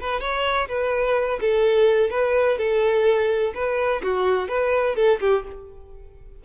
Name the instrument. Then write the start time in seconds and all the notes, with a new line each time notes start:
violin
0.00 B4
0.20 C#5
0.68 B4
1.40 A4
2.10 B4
2.58 A4
3.54 B4
4.02 F#4
4.48 B4
4.95 A4
5.20 G4